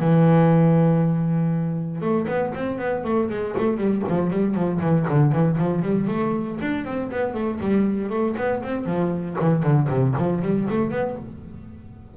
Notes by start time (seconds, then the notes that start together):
0.00 E3
2.01 A3
2.28 B3
2.55 C4
2.79 B3
3.04 A3
3.30 G#3
3.58 A3
3.77 G3
4.09 F3
4.31 G3
4.55 F3
4.81 E3
5.09 D3
5.32 E3
5.58 F3
5.83 G3
6.08 A3
6.61 D4
6.85 C4
7.11 B3
7.34 A3
7.60 G3
8.10 A3
8.37 B3
8.63 C4
8.86 F3
9.40 E3
9.63 D3
9.89 C3
10.18 F3
10.42 G3
10.70 A3
10.91 B3